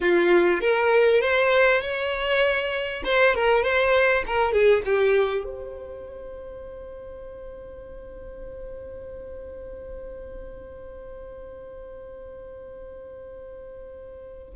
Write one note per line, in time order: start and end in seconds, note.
0.01 0.60 F4
0.60 1.21 A#4
1.21 1.81 C5
1.81 3.02 C#5
3.04 3.34 C5
3.34 3.63 A#4
3.63 4.23 C5
4.26 4.52 A#4
4.52 4.82 G#4
4.85 5.44 G4
5.44 14.53 C5